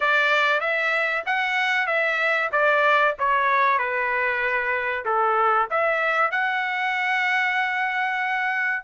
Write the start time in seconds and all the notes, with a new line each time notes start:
0.00 D5
0.60 E5
1.25 F#5
1.87 E5
2.51 D5
3.18 C#5
3.78 B4
5.05 A4
5.70 E5
6.31 F#5